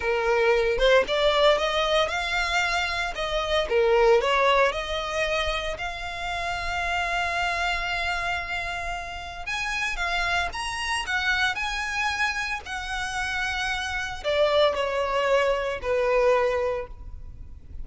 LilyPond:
\new Staff \with { instrumentName = "violin" } { \time 4/4 \tempo 4 = 114 ais'4. c''8 d''4 dis''4 | f''2 dis''4 ais'4 | cis''4 dis''2 f''4~ | f''1~ |
f''2 gis''4 f''4 | ais''4 fis''4 gis''2 | fis''2. d''4 | cis''2 b'2 | }